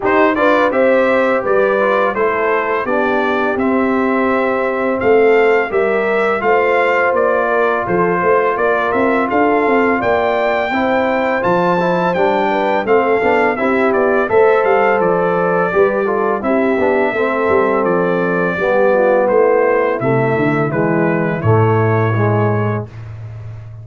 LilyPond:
<<
  \new Staff \with { instrumentName = "trumpet" } { \time 4/4 \tempo 4 = 84 c''8 d''8 e''4 d''4 c''4 | d''4 e''2 f''4 | e''4 f''4 d''4 c''4 | d''8 e''8 f''4 g''2 |
a''4 g''4 f''4 e''8 d''8 | e''8 f''8 d''2 e''4~ | e''4 d''2 c''4 | e''4 b'4 cis''2 | }
  \new Staff \with { instrumentName = "horn" } { \time 4/4 g'8 b'8 c''4 b'4 a'4 | g'2. a'4 | ais'4 c''4. ais'8 a'8 c''8 | ais'4 a'4 d''4 c''4~ |
c''4. b'8 a'4 g'4 | c''2 b'8 a'8 g'4 | a'2 g'8 f'8 e'4~ | e'1 | }
  \new Staff \with { instrumentName = "trombone" } { \time 4/4 dis'8 f'8 g'4. f'8 e'4 | d'4 c'2. | g'4 f'2.~ | f'2. e'4 |
f'8 e'8 d'4 c'8 d'8 e'4 | a'2 g'8 f'8 e'8 d'8 | c'2 b2 | a4 gis4 a4 gis4 | }
  \new Staff \with { instrumentName = "tuba" } { \time 4/4 dis'8 d'8 c'4 g4 a4 | b4 c'2 a4 | g4 a4 ais4 f8 a8 | ais8 c'8 d'8 c'8 ais4 c'4 |
f4 g4 a8 b8 c'8 b8 | a8 g8 f4 g4 c'8 b8 | a8 g8 f4 g4 a4 | c8 d8 e4 a,2 | }
>>